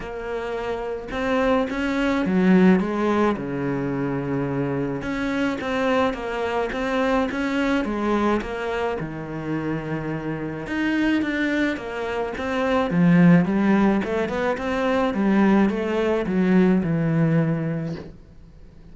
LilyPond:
\new Staff \with { instrumentName = "cello" } { \time 4/4 \tempo 4 = 107 ais2 c'4 cis'4 | fis4 gis4 cis2~ | cis4 cis'4 c'4 ais4 | c'4 cis'4 gis4 ais4 |
dis2. dis'4 | d'4 ais4 c'4 f4 | g4 a8 b8 c'4 g4 | a4 fis4 e2 | }